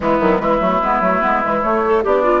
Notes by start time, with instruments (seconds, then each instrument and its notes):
0.00 bassoon E3, clarinet G#3, oboe B3, flute E4
0.20 bassoon D#3, clarinet F#3
0.38 bassoon E3, clarinet G#3, oboe E4, flute B4
0.60 bassoon F#3, clarinet A3
0.81 bassoon G#3, clarinet B3
1.00 bassoon F#3, clarinet A3
1.21 bassoon G#3, clarinet B3
1.41 bassoon E3, clarinet G#3
1.61 clarinet A3, bassoon A3, flute C#5
1.85 clarinet A4
2.03 bassoon B3, oboe D4, clarinet G4, flute D5
2.23 clarinet F4